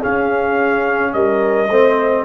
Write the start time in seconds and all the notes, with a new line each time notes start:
0.00 C#4 G#4 F5
1.13 G3 A#4 D#5
1.69 A3 C4 C5